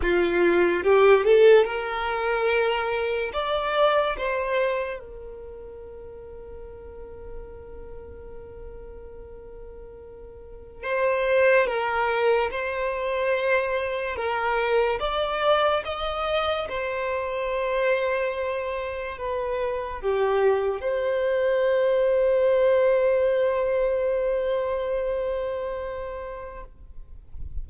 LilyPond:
\new Staff \with { instrumentName = "violin" } { \time 4/4 \tempo 4 = 72 f'4 g'8 a'8 ais'2 | d''4 c''4 ais'2~ | ais'1~ | ais'4 c''4 ais'4 c''4~ |
c''4 ais'4 d''4 dis''4 | c''2. b'4 | g'4 c''2.~ | c''1 | }